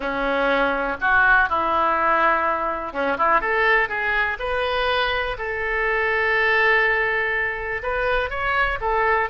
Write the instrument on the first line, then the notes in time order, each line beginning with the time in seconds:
oboe
0.00 C#4
1.00 F#4
1.49 E4
2.92 C#4
3.17 E4
3.40 A4
3.88 G#4
4.39 B4
5.38 A4
7.82 B4
8.30 C#5
8.80 A4